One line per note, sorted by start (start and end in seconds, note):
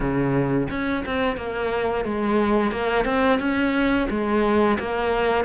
0.00 0.68 C#3
0.70 1.04 C#4
1.05 1.36 C4
1.36 2.04 A#3
2.04 2.71 G#3
2.71 3.05 A#3
3.05 3.39 C4
3.39 4.07 C#4
4.09 4.78 G#3
4.79 5.45 A#3